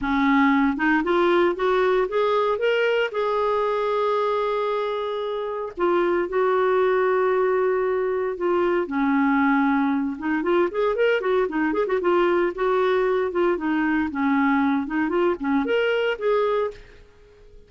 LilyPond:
\new Staff \with { instrumentName = "clarinet" } { \time 4/4 \tempo 4 = 115 cis'4. dis'8 f'4 fis'4 | gis'4 ais'4 gis'2~ | gis'2. f'4 | fis'1 |
f'4 cis'2~ cis'8 dis'8 | f'8 gis'8 ais'8 fis'8 dis'8 gis'16 fis'16 f'4 | fis'4. f'8 dis'4 cis'4~ | cis'8 dis'8 f'8 cis'8 ais'4 gis'4 | }